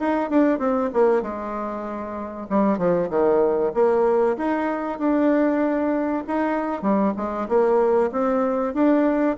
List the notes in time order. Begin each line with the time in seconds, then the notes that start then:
0.00 D#4
0.31 D4
0.59 C4
0.93 A#3
1.22 G#3
2.50 G3
2.78 F3
3.10 D#3
3.75 A#3
4.38 D#4
4.99 D4
6.28 D#4
6.82 G3
7.17 G#3
7.49 A#3
8.12 C4
8.74 D4